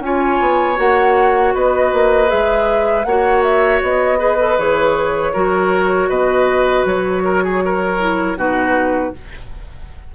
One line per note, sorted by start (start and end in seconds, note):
0.00 0.38 C#4
0.00 0.76 F4
0.00 1.54 C#5
0.00 0.78 G#5
0.40 0.78 B3
0.76 1.54 A#3
0.76 2.26 F#4
0.76 1.55 F#5
1.54 1.92 B3
1.54 3.06 B4
1.54 2.30 D#5
1.93 2.31 A#3
2.26 3.02 G#4
2.26 3.04 E5
2.32 3.05 G#3
3.04 3.81 A#3
3.04 4.18 F#4
3.04 4.19 C#5
3.04 3.42 F#5
3.43 3.81 E5
3.82 4.58 B3
3.82 4.59 D#5
4.18 4.37 G#4
4.18 5.33 B4
4.39 4.58 A4
4.58 5.34 E3
4.58 5.33 G#4
4.58 6.09 C#5
5.33 6.09 F#3
5.33 7.99 F#4
5.33 6.09 A#4
6.09 6.85 B2
6.09 7.23 B4
6.09 6.85 D#5
6.85 8.36 F#3
6.85 8.38 C#5
7.24 7.43 A#4
7.44 7.63 G#4
7.65 8.38 A#4
8.00 8.37 E4
8.36 9.12 B2
8.36 9.12 D#4
8.36 9.14 F#4
8.36 9.14 B4